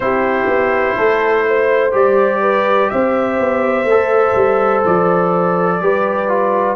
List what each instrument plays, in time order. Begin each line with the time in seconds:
0.00 tuba C4, trombone E4, horn G4, trumpet C5
0.46 tuba B3
0.96 tuba A3, horn A4
1.47 horn C5
1.91 tuba G3, trombone G4, trumpet D5
2.41 horn B4
2.89 tuba C4, horn C5, trumpet E5
3.39 tuba B3
3.84 tuba A3
3.90 trombone A4
4.35 tuba G3
4.84 tuba F3, trumpet D5
5.80 tuba G3, trombone G4, horn B4
6.28 trombone F4